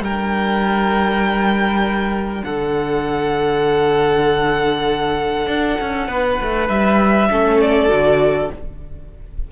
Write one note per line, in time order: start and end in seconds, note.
0.00 2.42 G3
0.00 7.31 D4
0.00 2.45 A#4
0.00 2.44 G5
2.44 5.47 D3
2.44 6.08 A4
2.44 6.68 F#5
5.47 5.77 D4
5.81 6.08 C#4
6.08 6.38 B3
6.08 7.29 B4
6.43 6.69 A3
6.69 7.29 G3
6.69 7.60 E5
7.30 7.89 A3
7.30 7.89 C#4
7.30 8.51 A4
7.61 8.52 D5
7.89 8.50 D3
7.89 8.50 F#4